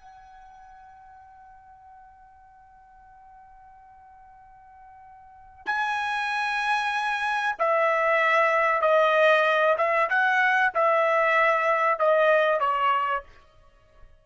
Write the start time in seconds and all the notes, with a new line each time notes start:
0.00 F#5
5.66 G#5
7.59 E5
8.82 D#5
9.78 E5
10.10 F#5
10.75 E5
12.00 D#5
12.61 C#5